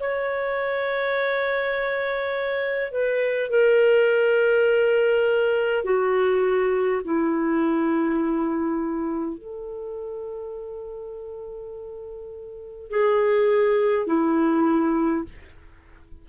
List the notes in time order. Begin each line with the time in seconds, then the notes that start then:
0.00 C#5
2.91 B4
3.50 A#4
5.84 F#4
7.04 E4
9.38 A4
12.90 G#4
14.07 E4